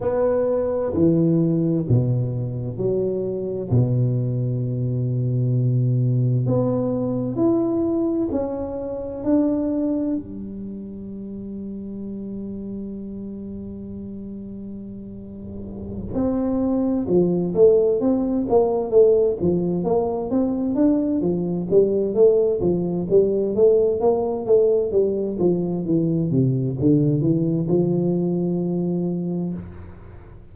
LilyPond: \new Staff \with { instrumentName = "tuba" } { \time 4/4 \tempo 4 = 65 b4 e4 b,4 fis4 | b,2. b4 | e'4 cis'4 d'4 g4~ | g1~ |
g4. c'4 f8 a8 c'8 | ais8 a8 f8 ais8 c'8 d'8 f8 g8 | a8 f8 g8 a8 ais8 a8 g8 f8 | e8 c8 d8 e8 f2 | }